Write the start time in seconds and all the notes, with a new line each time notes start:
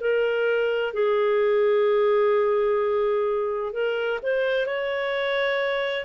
0.00 A#4
0.93 G#4
3.72 A#4
4.23 C5
4.66 C#5